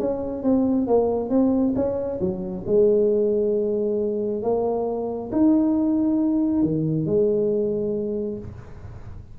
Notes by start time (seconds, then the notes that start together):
0.00 C#4
0.43 C4
0.87 A#3
1.30 C4
1.76 C#4
2.21 F#3
2.67 G#3
4.43 A#3
5.32 D#4
6.63 D#3
7.06 G#3